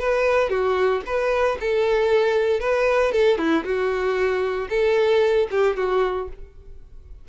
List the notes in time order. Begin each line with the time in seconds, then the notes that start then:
0.00 B4
0.50 F#4
1.06 B4
1.60 A4
2.60 B4
3.12 A4
3.38 E4
3.64 F#4
4.70 A4
5.51 G4
5.77 F#4